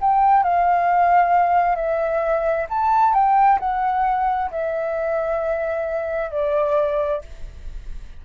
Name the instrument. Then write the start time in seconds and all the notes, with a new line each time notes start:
flute
0.00 G5
0.43 F5
1.75 E5
2.69 A5
3.13 G5
3.60 F#5
4.50 E5
6.30 D5